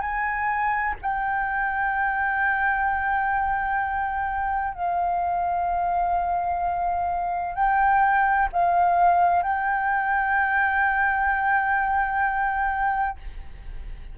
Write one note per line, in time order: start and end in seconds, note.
0.00 0.94 G#5
1.02 4.73 G5
4.73 7.55 F5
7.55 8.48 G5
8.52 9.43 F5
9.43 13.18 G5